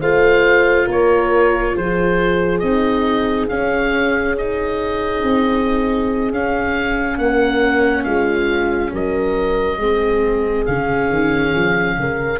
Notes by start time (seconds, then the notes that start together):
0.00 A3 F4 C5 F5
0.87 A#3 A#4 C#5
1.75 F3 G#4 C5
2.60 C4 D#4 D#5
3.49 C#4 F5
4.39 D#4 D#5
5.24 C4
6.32 C#4 F5
7.18 A#3 A#4 F#5
8.04 G#3 F4 F5
8.93 F#3 A#4 D#5
9.78 G#3 C4 G#4
10.66 C#3 C#4 F5
11.10 D#3
11.56 F3
11.98 C#3 A#4